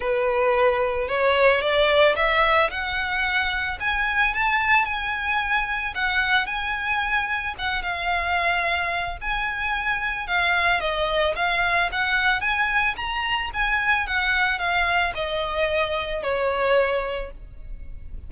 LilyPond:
\new Staff \with { instrumentName = "violin" } { \time 4/4 \tempo 4 = 111 b'2 cis''4 d''4 | e''4 fis''2 gis''4 | a''4 gis''2 fis''4 | gis''2 fis''8 f''4.~ |
f''4 gis''2 f''4 | dis''4 f''4 fis''4 gis''4 | ais''4 gis''4 fis''4 f''4 | dis''2 cis''2 | }